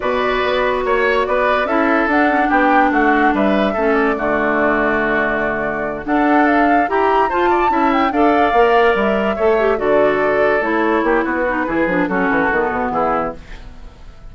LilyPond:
<<
  \new Staff \with { instrumentName = "flute" } { \time 4/4 \tempo 4 = 144 d''2 cis''4 d''4 | e''4 fis''4 g''4 fis''4 | e''4. d''2~ d''8~ | d''2~ d''8 fis''4 f''8~ |
f''8 ais''4 a''4. g''8 f''8~ | f''4. e''2 d''8~ | d''4. cis''4. b'4~ | b'4 a'2 gis'4 | }
  \new Staff \with { instrumentName = "oboe" } { \time 4/4 b'2 cis''4 b'4 | a'2 g'4 fis'4 | b'4 a'4 fis'2~ | fis'2~ fis'8 a'4.~ |
a'8 g'4 c''8 d''8 e''4 d''8~ | d''2~ d''8 cis''4 a'8~ | a'2~ a'8 g'8 fis'4 | gis'4 fis'2 e'4 | }
  \new Staff \with { instrumentName = "clarinet" } { \time 4/4 fis'1 | e'4 d'8 cis'16 d'2~ d'16~ | d'4 cis'4 a2~ | a2~ a8 d'4.~ |
d'8 g'4 f'4 e'4 a'8~ | a'8 ais'2 a'8 g'8 fis'8~ | fis'4. e'2 dis'8 | e'8 d'8 cis'4 b2 | }
  \new Staff \with { instrumentName = "bassoon" } { \time 4/4 b,4 b4 ais4 b4 | cis'4 d'4 b4 a4 | g4 a4 d2~ | d2~ d8 d'4.~ |
d'8 e'4 f'4 cis'4 d'8~ | d'8 ais4 g4 a4 d8~ | d4. a4 ais8 b4 | e8 f8 fis8 e8 dis8 b,8 e4 | }
>>